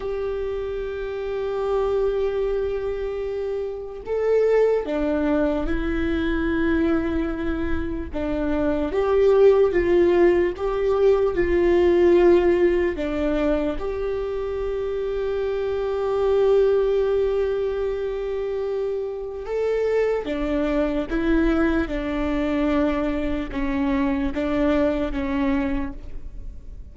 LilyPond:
\new Staff \with { instrumentName = "viola" } { \time 4/4 \tempo 4 = 74 g'1~ | g'4 a'4 d'4 e'4~ | e'2 d'4 g'4 | f'4 g'4 f'2 |
d'4 g'2.~ | g'1 | a'4 d'4 e'4 d'4~ | d'4 cis'4 d'4 cis'4 | }